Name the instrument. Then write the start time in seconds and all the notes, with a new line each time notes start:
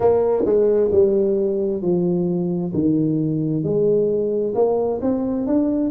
tuba
0.00 A#3
0.45 G#3
0.91 G3
1.82 F3
2.73 D#3
3.63 G#3
4.55 A#3
5.01 C4
5.46 D4